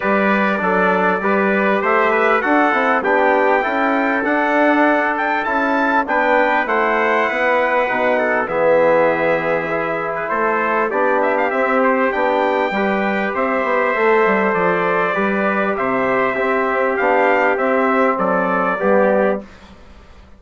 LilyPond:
<<
  \new Staff \with { instrumentName = "trumpet" } { \time 4/4 \tempo 4 = 99 d''2. e''4 | fis''4 g''2 fis''4~ | fis''8 g''8 a''4 g''4 fis''4~ | fis''2 e''2~ |
e''8. b'16 c''4 d''8 e''16 f''16 e''8 c''8 | g''2 e''2 | d''2 e''2 | f''4 e''4 d''2 | }
  \new Staff \with { instrumentName = "trumpet" } { \time 4/4 b'4 d'4 b'4 c''8 b'8 | a'4 g'4 a'2~ | a'2 b'4 c''4 | b'4. a'8 gis'2~ |
gis'4 a'4 g'2~ | g'4 b'4 c''2~ | c''4 b'4 c''4 g'4~ | g'2 a'4 g'4 | }
  \new Staff \with { instrumentName = "trombone" } { \time 4/4 g'4 a'4 g'2 | fis'8 e'8 d'4 e'4 d'4~ | d'4 e'4 d'4 e'4~ | e'4 dis'4 b2 |
e'2 d'4 c'4 | d'4 g'2 a'4~ | a'4 g'2 c'4 | d'4 c'2 b4 | }
  \new Staff \with { instrumentName = "bassoon" } { \time 4/4 g4 fis4 g4 a4 | d'8 c'8 b4 cis'4 d'4~ | d'4 cis'4 b4 a4 | b4 b,4 e2~ |
e4 a4 b4 c'4 | b4 g4 c'8 b8 a8 g8 | f4 g4 c4 c'4 | b4 c'4 fis4 g4 | }
>>